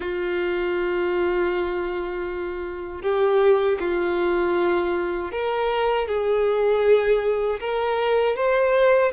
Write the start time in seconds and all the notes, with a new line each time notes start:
0.00 F4
3.02 G4
3.79 F4
5.31 A#4
6.07 G#4
7.59 A#4
8.35 C5